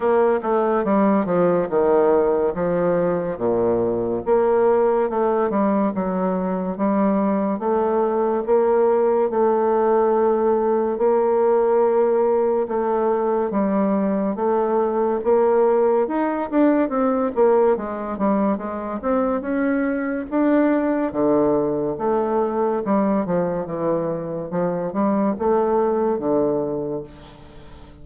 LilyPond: \new Staff \with { instrumentName = "bassoon" } { \time 4/4 \tempo 4 = 71 ais8 a8 g8 f8 dis4 f4 | ais,4 ais4 a8 g8 fis4 | g4 a4 ais4 a4~ | a4 ais2 a4 |
g4 a4 ais4 dis'8 d'8 | c'8 ais8 gis8 g8 gis8 c'8 cis'4 | d'4 d4 a4 g8 f8 | e4 f8 g8 a4 d4 | }